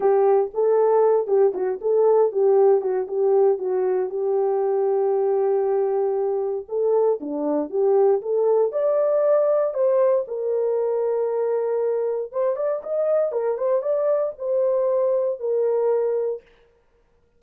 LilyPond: \new Staff \with { instrumentName = "horn" } { \time 4/4 \tempo 4 = 117 g'4 a'4. g'8 fis'8 a'8~ | a'8 g'4 fis'8 g'4 fis'4 | g'1~ | g'4 a'4 d'4 g'4 |
a'4 d''2 c''4 | ais'1 | c''8 d''8 dis''4 ais'8 c''8 d''4 | c''2 ais'2 | }